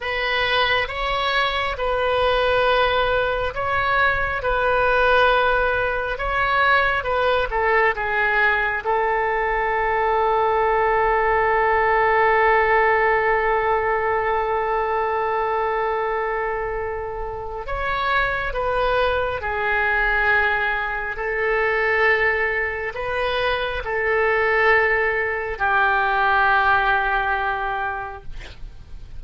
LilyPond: \new Staff \with { instrumentName = "oboe" } { \time 4/4 \tempo 4 = 68 b'4 cis''4 b'2 | cis''4 b'2 cis''4 | b'8 a'8 gis'4 a'2~ | a'1~ |
a'1 | cis''4 b'4 gis'2 | a'2 b'4 a'4~ | a'4 g'2. | }